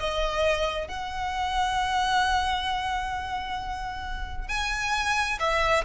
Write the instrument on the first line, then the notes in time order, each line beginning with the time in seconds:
violin
0.00 D#5
0.88 F#5
4.49 G#5
5.40 E5